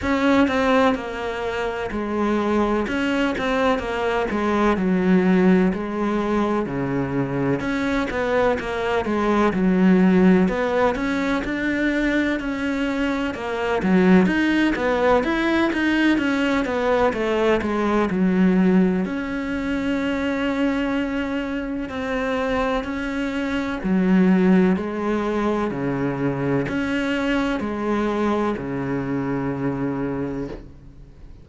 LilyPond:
\new Staff \with { instrumentName = "cello" } { \time 4/4 \tempo 4 = 63 cis'8 c'8 ais4 gis4 cis'8 c'8 | ais8 gis8 fis4 gis4 cis4 | cis'8 b8 ais8 gis8 fis4 b8 cis'8 | d'4 cis'4 ais8 fis8 dis'8 b8 |
e'8 dis'8 cis'8 b8 a8 gis8 fis4 | cis'2. c'4 | cis'4 fis4 gis4 cis4 | cis'4 gis4 cis2 | }